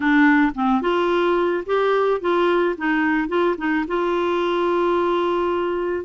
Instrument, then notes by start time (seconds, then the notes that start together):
clarinet
0.00 D4
0.54 C4
0.81 F4
1.66 G4
2.20 F4
2.77 D#4
3.28 F4
3.57 D#4
3.87 F4